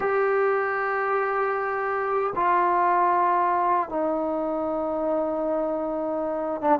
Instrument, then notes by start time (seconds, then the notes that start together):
trombone
0.00 G4
2.35 F4
3.89 D#4
6.61 D4